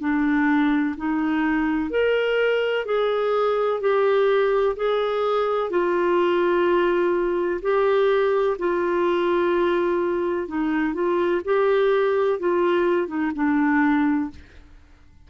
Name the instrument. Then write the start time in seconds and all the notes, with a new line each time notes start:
clarinet
0.00 D4
0.97 D#4
1.90 A#4
2.85 G#4
3.80 G4
4.76 G#4
5.70 F4
7.61 G4
8.58 F4
10.47 D#4
10.94 F4
11.44 G4
12.39 F4
13.07 D#4
13.35 D4